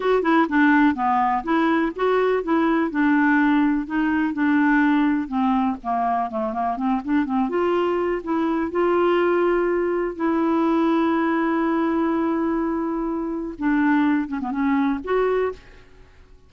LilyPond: \new Staff \with { instrumentName = "clarinet" } { \time 4/4 \tempo 4 = 124 fis'8 e'8 d'4 b4 e'4 | fis'4 e'4 d'2 | dis'4 d'2 c'4 | ais4 a8 ais8 c'8 d'8 c'8 f'8~ |
f'4 e'4 f'2~ | f'4 e'2.~ | e'1 | d'4. cis'16 b16 cis'4 fis'4 | }